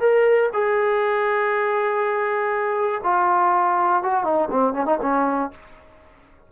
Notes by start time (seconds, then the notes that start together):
0.00 A#4
0.53 G#4
3.03 F4
4.03 F#4
4.24 D#4
4.51 C4
4.74 C#4
4.85 D#4
5.01 C#4